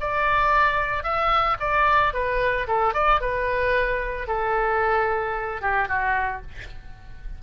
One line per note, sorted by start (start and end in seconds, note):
0.00 1.03 D5
1.03 1.57 E5
1.59 2.13 D5
2.13 2.67 B4
2.67 2.93 A4
2.93 3.20 D5
3.20 4.27 B4
4.27 5.61 A4
5.61 5.88 G4
5.88 6.42 F#4